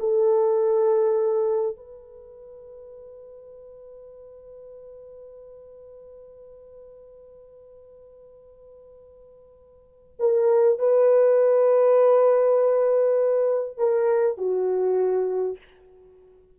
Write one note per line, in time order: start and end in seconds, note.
0.00 1.77 A4
1.77 10.17 B4
10.19 10.79 A#4
10.79 13.78 B4
13.78 14.38 A#4
14.38 15.58 F#4